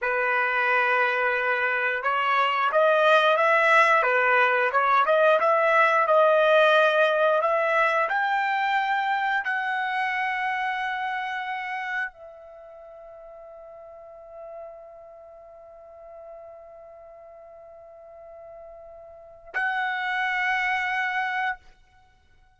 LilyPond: \new Staff \with { instrumentName = "trumpet" } { \time 4/4 \tempo 4 = 89 b'2. cis''4 | dis''4 e''4 b'4 cis''8 dis''8 | e''4 dis''2 e''4 | g''2 fis''2~ |
fis''2 e''2~ | e''1~ | e''1~ | e''4 fis''2. | }